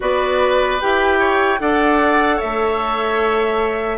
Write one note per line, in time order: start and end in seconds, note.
0.00 0.81 B3
0.00 0.80 F#4
0.00 1.19 B4
0.00 0.81 D5
0.81 1.60 E4
0.81 1.59 G4
0.81 1.60 G5
1.19 1.59 C#5
1.59 2.40 D4
1.59 3.98 A4
1.59 2.36 D5
1.59 2.39 F#5
2.36 3.96 C#5
2.36 3.98 E5
2.42 3.98 A3